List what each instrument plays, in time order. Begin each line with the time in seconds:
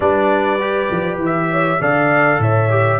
0.00 tuba G3, trombone D4, horn B4, trumpet D5
0.59 trombone G4
0.91 tuba F3
1.17 tuba E3
1.25 trumpet E5
1.50 horn C#5
1.80 tuba D3, trombone A4, horn D5, trumpet F5
2.39 tuba A2, horn C#5, trumpet E5
2.70 trombone G4